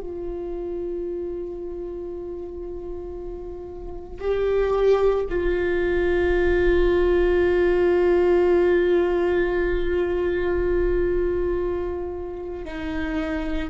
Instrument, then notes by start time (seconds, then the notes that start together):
viola
0.00 F4
4.20 G4
5.29 F4
12.65 D#4